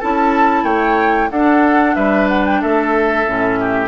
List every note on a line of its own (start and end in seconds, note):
0.00 0.64 C#4
0.00 1.30 E4
0.00 0.64 A4
0.00 0.65 A5
0.64 1.29 A3
0.64 1.29 C#5
0.64 1.30 G5
1.30 3.26 D4
1.30 1.96 D4
1.30 1.96 A4
1.30 1.95 F#5
1.95 2.61 G3
1.95 2.61 B4
1.95 2.28 E5
2.28 2.45 F#5
2.45 2.62 G5
2.61 3.26 A3
2.61 3.59 A4
2.61 3.88 E5
3.26 3.88 A2
3.26 3.88 C#4
3.60 3.88 G4